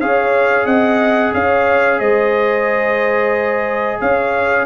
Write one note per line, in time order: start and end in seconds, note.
0.00 0.65 C#4
0.00 4.66 G#4
0.00 0.66 C#5
0.00 0.66 F5
0.65 1.32 C4
0.65 1.32 D#5
0.65 1.33 F#5
1.34 2.00 C#4
1.34 2.00 C#5
1.34 2.00 F5
2.00 4.00 G#3
2.00 4.00 C5
2.00 4.00 D#5
4.00 4.66 C#4
4.00 4.66 C#5
4.00 4.66 F5